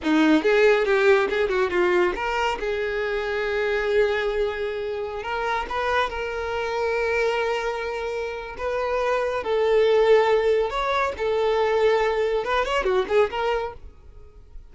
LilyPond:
\new Staff \with { instrumentName = "violin" } { \time 4/4 \tempo 4 = 140 dis'4 gis'4 g'4 gis'8 fis'8 | f'4 ais'4 gis'2~ | gis'1~ | gis'16 ais'4 b'4 ais'4.~ ais'16~ |
ais'1 | b'2 a'2~ | a'4 cis''4 a'2~ | a'4 b'8 cis''8 fis'8 gis'8 ais'4 | }